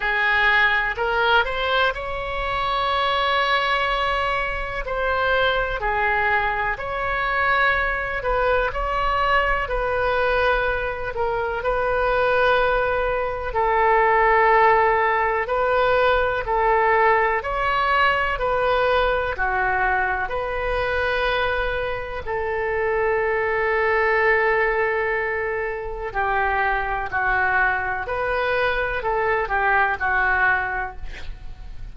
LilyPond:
\new Staff \with { instrumentName = "oboe" } { \time 4/4 \tempo 4 = 62 gis'4 ais'8 c''8 cis''2~ | cis''4 c''4 gis'4 cis''4~ | cis''8 b'8 cis''4 b'4. ais'8 | b'2 a'2 |
b'4 a'4 cis''4 b'4 | fis'4 b'2 a'4~ | a'2. g'4 | fis'4 b'4 a'8 g'8 fis'4 | }